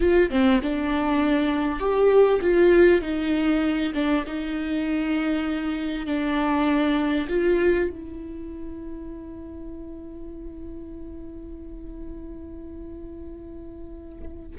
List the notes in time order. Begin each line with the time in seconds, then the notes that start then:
0.00 F4
0.30 C4
0.62 D4
1.79 G4
2.41 F4
3.01 D#4
3.94 D4
4.26 D#4
6.06 D4
7.28 F4
7.89 E4